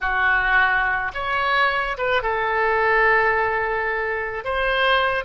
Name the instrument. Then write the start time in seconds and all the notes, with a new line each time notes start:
oboe
0.01 F#4
1.14 C#5
1.97 B4
2.22 A4
4.44 C5